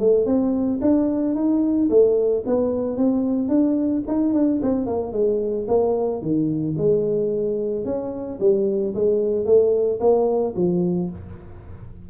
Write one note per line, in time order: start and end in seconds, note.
0.00 0.26 A3
0.26 0.80 C4
0.82 1.35 D4
1.35 1.89 D#4
1.90 2.44 A3
2.46 2.97 B3
2.97 3.49 C4
3.49 4.03 D4
4.07 4.34 D#4
4.34 4.61 D4
4.62 4.86 C4
4.86 5.13 A#3
5.13 5.67 G#3
5.68 6.22 A#3
6.22 6.76 D#3
6.78 7.85 G#3
7.85 8.39 C#4
8.40 8.94 G3
8.95 9.46 G#3
9.46 10.00 A3
10.00 10.55 A#3
10.56 11.10 F3